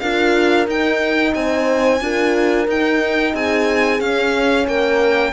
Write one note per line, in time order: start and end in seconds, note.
0.00 0.67 D4
0.00 0.68 F4
0.00 1.36 A#4
0.00 0.67 F5
0.67 1.34 D#4
0.67 2.01 D#4
0.67 1.34 G5
1.34 2.01 C4
1.34 2.03 C5
1.34 2.67 G#5
2.01 2.68 D4
2.01 2.68 F4
2.01 3.34 A#4
2.68 3.34 D#4
2.68 4.02 D#4
2.68 3.35 G5
3.34 4.01 C4
3.34 4.67 G#4
3.34 4.01 G#5
4.01 4.67 C#4
4.01 5.33 C#4
4.01 4.67 F5
4.67 5.33 A#3
4.67 5.33 A#4
4.67 5.33 G5